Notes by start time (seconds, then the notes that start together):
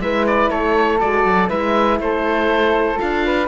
0.00 G#3 E4 B4 E5
0.27 D5
0.50 A3 A4 C#5
1.00 G#3 F#4 D5
1.25 F#3
1.49 G#3 E4 B4 E5
2.00 A3 A4 C5
2.97 D4 F4 F5
3.26 B4